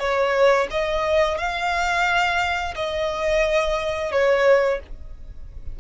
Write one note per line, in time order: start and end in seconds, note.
0.00 0.68 C#5
0.71 1.39 D#5
1.39 2.75 F5
2.76 4.12 D#5
4.12 4.80 C#5